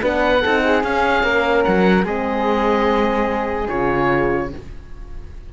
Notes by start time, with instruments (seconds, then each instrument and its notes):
0.00 cello B3, horn D4, flute B4, oboe F#5
0.41 cello C4, horn D#4, flute A4
0.64 flute G#4
0.83 cello C#4, horn C#4, oboe F5
1.23 cello A#3, flute A#4
1.64 cello F#3, oboe F#5
2.03 cello G#3, horn C4, flute G#4, oboe D#5
3.68 cello C#3, horn F4, oboe C#5